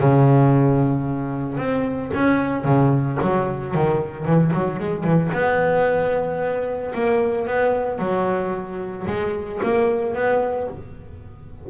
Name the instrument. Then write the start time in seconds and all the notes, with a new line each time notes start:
double bass
0.00 C#3
1.58 C4
2.14 C#4
2.65 C#3
3.22 F#3
3.75 D#3
4.26 E3
4.53 F#3
4.80 G#3
5.04 E3
5.33 B3
6.95 A#3
7.47 B3
7.99 F#3
9.07 G#3
9.63 A#3
10.15 B3